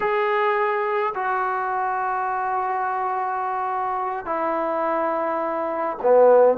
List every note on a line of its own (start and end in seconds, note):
0.00 1.13 G#4
1.14 4.25 F#4
4.25 5.97 E4
6.02 6.57 B3